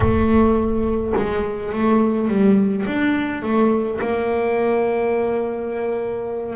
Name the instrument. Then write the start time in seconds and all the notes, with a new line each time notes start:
double bass
0.00 A3
1.16 G#3
1.72 A3
2.28 G3
2.86 D4
3.42 A3
4.00 A#3